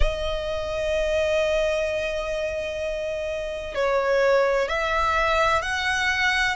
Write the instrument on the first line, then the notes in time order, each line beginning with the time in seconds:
violin
0.00 D#5
3.74 C#5
4.68 E5
5.62 F#5